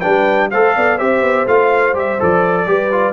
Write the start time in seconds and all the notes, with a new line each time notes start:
0.00 G3 D4 B4 G5
0.51 A3 A4 C5 F5
0.75 B3 D5
0.98 C4 G4 C5 E5
1.21 B3
1.47 A3 F4 F5
1.94 G3 G4 E5
2.19 F3 A4 D5
2.66 G3 G4 B4
2.91 F4